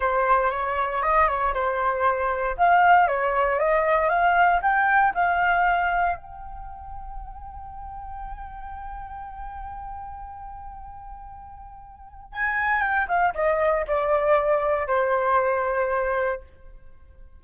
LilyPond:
\new Staff \with { instrumentName = "flute" } { \time 4/4 \tempo 4 = 117 c''4 cis''4 dis''8 cis''8 c''4~ | c''4 f''4 cis''4 dis''4 | f''4 g''4 f''2 | g''1~ |
g''1~ | g''1 | gis''4 g''8 f''8 dis''4 d''4~ | d''4 c''2. | }